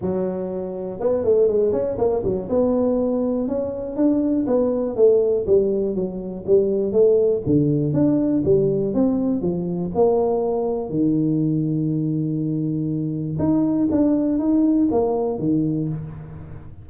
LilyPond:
\new Staff \with { instrumentName = "tuba" } { \time 4/4 \tempo 4 = 121 fis2 b8 a8 gis8 cis'8 | ais8 fis8 b2 cis'4 | d'4 b4 a4 g4 | fis4 g4 a4 d4 |
d'4 g4 c'4 f4 | ais2 dis2~ | dis2. dis'4 | d'4 dis'4 ais4 dis4 | }